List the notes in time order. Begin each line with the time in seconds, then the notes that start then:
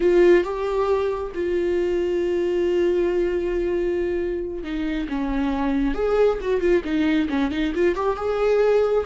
0.00 F4
0.44 G4
1.34 F4
4.63 D#4
5.09 C#4
5.94 G#4
6.41 F#4
6.60 F4
6.84 D#4
7.29 C#4
7.51 D#4
7.74 F4
7.95 G4
8.16 G#4